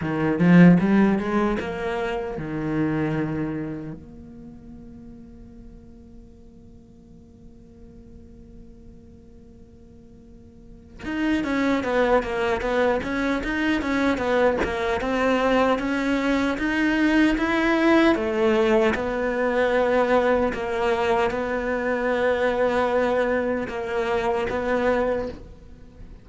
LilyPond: \new Staff \with { instrumentName = "cello" } { \time 4/4 \tempo 4 = 76 dis8 f8 g8 gis8 ais4 dis4~ | dis4 ais2.~ | ais1~ | ais2 dis'8 cis'8 b8 ais8 |
b8 cis'8 dis'8 cis'8 b8 ais8 c'4 | cis'4 dis'4 e'4 a4 | b2 ais4 b4~ | b2 ais4 b4 | }